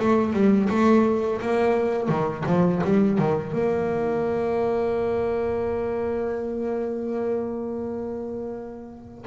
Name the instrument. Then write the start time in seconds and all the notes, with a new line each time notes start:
double bass
0.00 A3
0.33 G3
0.70 A3
1.42 A#3
2.09 D#3
2.46 F3
2.84 G3
3.19 D#3
3.53 A#3